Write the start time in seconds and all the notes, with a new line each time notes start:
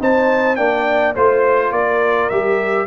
0.00 C4 D#4 C5 A5
0.56 A#3 D4 D5 G5
1.15 A3 F4 C5
1.72 A#3 A#4 D5
2.29 G3 G4 E5